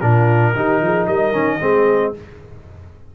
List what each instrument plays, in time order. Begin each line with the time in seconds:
0.00 tuba A#2, trombone D4, horn F4, trumpet A#4
0.54 tuba D#3, trombone D#4, horn G4
0.81 tuba F3, horn G#4
1.06 tuba G3, horn A#4, trumpet D#5
1.33 tuba D#3, trombone C#4
1.61 tuba G#3, trombone C4, horn G#4